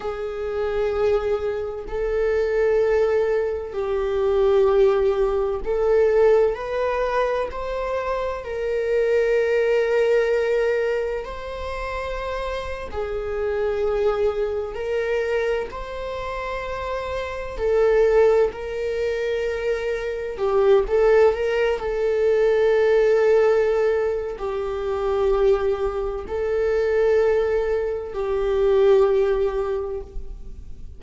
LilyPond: \new Staff \with { instrumentName = "viola" } { \time 4/4 \tempo 4 = 64 gis'2 a'2 | g'2 a'4 b'4 | c''4 ais'2. | c''4.~ c''16 gis'2 ais'16~ |
ais'8. c''2 a'4 ais'16~ | ais'4.~ ais'16 g'8 a'8 ais'8 a'8.~ | a'2 g'2 | a'2 g'2 | }